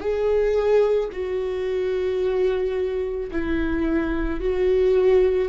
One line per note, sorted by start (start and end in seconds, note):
0.00 1.09 G#4
1.13 3.31 F#4
3.31 4.40 E4
4.40 5.48 F#4